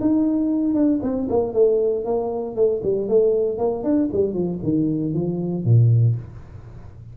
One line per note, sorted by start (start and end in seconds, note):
0.00 0.74 D#4
0.74 1.00 D4
1.02 1.28 C4
1.29 1.53 A#3
1.53 2.04 A3
2.04 2.55 A#3
2.55 2.81 A3
2.83 3.08 G3
3.08 3.58 A3
3.58 3.83 A#3
3.83 4.09 D4
4.12 4.33 G3
4.33 4.59 F3
4.63 5.13 D#3
5.13 5.64 F3
5.64 6.15 A#2